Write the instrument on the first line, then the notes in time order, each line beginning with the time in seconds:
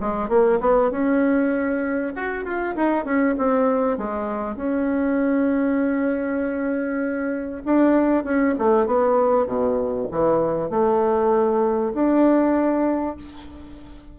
bassoon
0.00 G#3
0.28 A#3
0.60 B3
0.90 C#4
2.15 F#4
2.44 F4
2.75 D#4
3.04 C#4
3.38 C4
3.97 G#3
4.56 C#4
7.65 D4
8.24 C#4
8.58 A3
8.86 B3
9.46 B2
10.11 E3
10.70 A3
11.94 D4